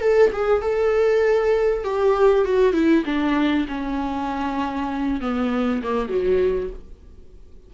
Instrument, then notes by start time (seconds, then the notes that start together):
viola
0.00 A4
0.32 G#4
0.61 A4
1.84 G4
2.44 F#4
2.73 E4
3.05 D4
3.67 C#4
5.20 B3
5.82 A#3
6.08 F#3